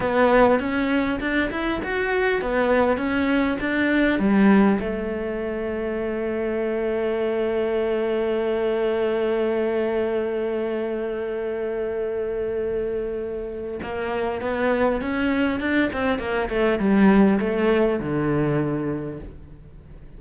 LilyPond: \new Staff \with { instrumentName = "cello" } { \time 4/4 \tempo 4 = 100 b4 cis'4 d'8 e'8 fis'4 | b4 cis'4 d'4 g4 | a1~ | a1~ |
a1~ | a2. ais4 | b4 cis'4 d'8 c'8 ais8 a8 | g4 a4 d2 | }